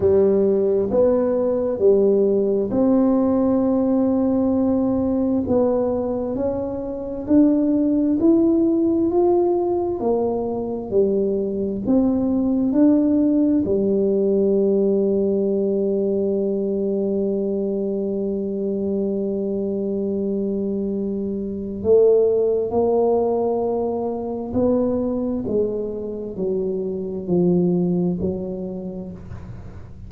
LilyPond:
\new Staff \with { instrumentName = "tuba" } { \time 4/4 \tempo 4 = 66 g4 b4 g4 c'4~ | c'2 b4 cis'4 | d'4 e'4 f'4 ais4 | g4 c'4 d'4 g4~ |
g1~ | g1 | a4 ais2 b4 | gis4 fis4 f4 fis4 | }